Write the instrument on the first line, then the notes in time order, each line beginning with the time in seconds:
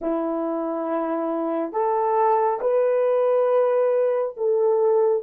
horn
0.01 E4
1.72 A4
2.60 B4
4.36 A4